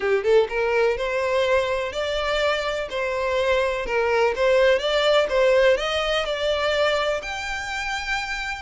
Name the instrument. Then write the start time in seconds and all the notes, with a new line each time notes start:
violin
0.00 G4
0.23 A4
0.49 A#4
0.97 C5
1.92 D5
2.90 C5
3.86 A#4
4.35 C5
4.78 D5
5.29 C5
5.77 D#5
6.25 D5
7.21 G5